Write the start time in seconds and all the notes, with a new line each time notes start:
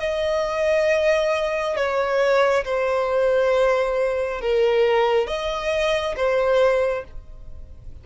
0.00 D#5
1.76 C#5
2.65 C5
4.41 A#4
5.27 D#5
6.16 C5